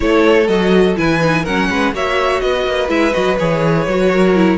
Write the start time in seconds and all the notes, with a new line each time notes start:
0.00 A3 E4 A4 C#5
0.47 F#3 F#4 D#5
0.95 E3 E4 B4 G#5
1.21 D#4
1.43 F#3 C#4 A#4 F#5
1.69 G#3 B4
1.93 A#3 F#4 C#5 E5
2.40 B3 B4 D#5
2.66 A#3
2.88 G#3 E4 E5
3.13 F#3 F#4 D#5
3.38 E3 G#4 C#5
3.87 F#3 F#4
4.12 A#4
4.35 E4